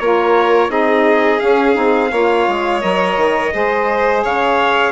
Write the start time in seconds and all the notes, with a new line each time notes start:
0.00 A#3 F4 A#4 C#5
0.69 C4 D#4 G#4 D#5
1.40 C#4 F5
1.74 C4 D#4
2.11 A#3 F4 C#5
2.48 G#3
2.81 F#3 A#4 D#5
3.17 D#3
3.52 G#3 G#4 C5
4.24 C#3 C#5 F5